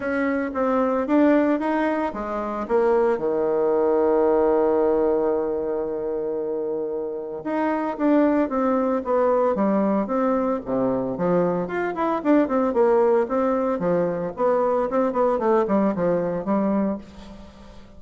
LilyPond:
\new Staff \with { instrumentName = "bassoon" } { \time 4/4 \tempo 4 = 113 cis'4 c'4 d'4 dis'4 | gis4 ais4 dis2~ | dis1~ | dis2 dis'4 d'4 |
c'4 b4 g4 c'4 | c4 f4 f'8 e'8 d'8 c'8 | ais4 c'4 f4 b4 | c'8 b8 a8 g8 f4 g4 | }